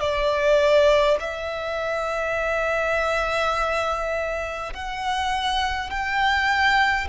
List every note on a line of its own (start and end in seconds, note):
0.00 1.18 D5
1.20 4.73 E5
4.74 5.90 F#5
5.90 7.07 G5